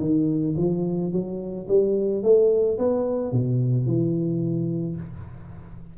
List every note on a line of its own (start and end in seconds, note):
0.00 0.55 D#3
0.57 1.12 F3
1.12 1.67 F#3
1.68 2.23 G3
2.23 2.78 A3
2.78 3.32 B3
3.32 3.86 B2
3.86 4.96 E3